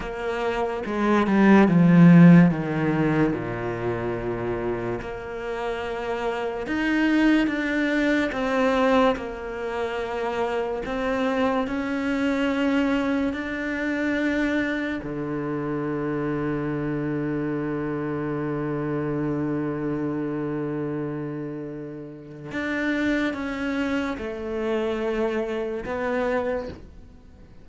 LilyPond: \new Staff \with { instrumentName = "cello" } { \time 4/4 \tempo 4 = 72 ais4 gis8 g8 f4 dis4 | ais,2 ais2 | dis'4 d'4 c'4 ais4~ | ais4 c'4 cis'2 |
d'2 d2~ | d1~ | d2. d'4 | cis'4 a2 b4 | }